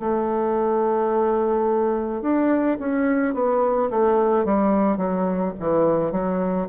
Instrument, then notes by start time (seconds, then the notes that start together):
bassoon
0.00 A3
2.22 D4
2.79 C#4
3.34 B3
3.90 A3
4.45 G3
4.97 F#3
5.60 E3
6.12 F#3